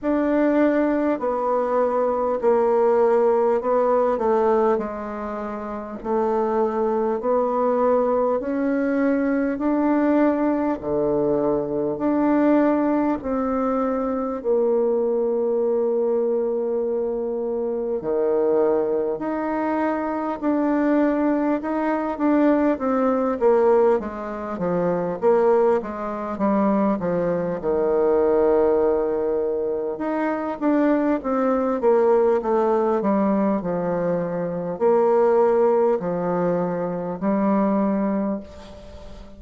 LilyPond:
\new Staff \with { instrumentName = "bassoon" } { \time 4/4 \tempo 4 = 50 d'4 b4 ais4 b8 a8 | gis4 a4 b4 cis'4 | d'4 d4 d'4 c'4 | ais2. dis4 |
dis'4 d'4 dis'8 d'8 c'8 ais8 | gis8 f8 ais8 gis8 g8 f8 dis4~ | dis4 dis'8 d'8 c'8 ais8 a8 g8 | f4 ais4 f4 g4 | }